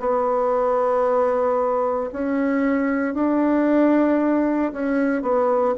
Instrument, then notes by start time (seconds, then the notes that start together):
bassoon
0.00 B3
2.12 C#4
3.14 D4
4.73 C#4
5.22 B3